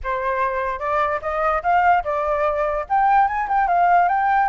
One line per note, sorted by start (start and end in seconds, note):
0.03 0.79 C5
0.79 1.20 D5
1.21 1.62 D#5
1.63 2.03 F5
2.03 2.85 D5
2.89 3.27 G5
3.27 3.48 G#5
3.48 3.67 G5
3.67 4.08 F5
4.08 4.49 G5